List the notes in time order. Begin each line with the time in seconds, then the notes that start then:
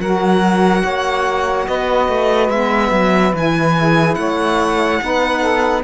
0.00 F#3 F#4 A#4 F#5
0.84 A#3 C#5
1.68 B3 B4 D#5
2.09 A3
2.50 G#3 B3 E5
2.91 F#3
3.33 E3 E4 G#5
3.78 G#4
4.15 A3 C#5 F#5
5.01 B3 D#4 B4
5.40 A4